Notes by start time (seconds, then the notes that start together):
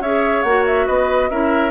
0.00 C#4 G#4 C#5 E5
0.42 A#3 F#4 F#5
0.66 E5
0.86 B3 B4 D#5
1.29 C#4 E4 A#4 E5